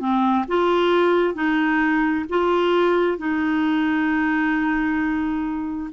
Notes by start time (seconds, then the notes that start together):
0.00 C4
0.48 F4
1.34 D#4
2.29 F4
3.18 D#4